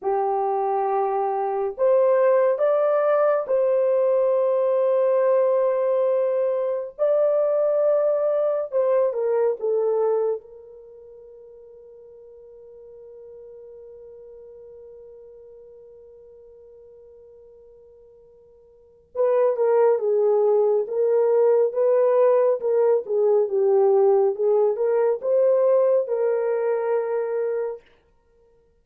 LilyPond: \new Staff \with { instrumentName = "horn" } { \time 4/4 \tempo 4 = 69 g'2 c''4 d''4 | c''1 | d''2 c''8 ais'8 a'4 | ais'1~ |
ais'1~ | ais'2 b'8 ais'8 gis'4 | ais'4 b'4 ais'8 gis'8 g'4 | gis'8 ais'8 c''4 ais'2 | }